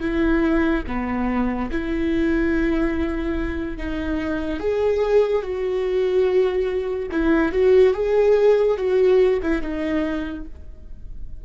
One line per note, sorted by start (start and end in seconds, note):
0.00 0.83 E4
0.87 1.70 B3
1.71 3.77 E4
3.77 4.59 D#4
4.59 5.42 G#4
5.42 7.09 F#4
7.11 7.52 E4
7.52 7.94 F#4
7.94 8.77 G#4
8.77 9.40 F#4
9.42 9.62 E4
9.62 10.45 D#4